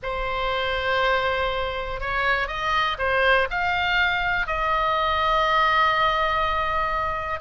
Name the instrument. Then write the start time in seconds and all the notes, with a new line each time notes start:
oboe
0.02 C5
2.00 C#5
2.47 D#5
2.98 C5
3.50 F5
4.47 D#5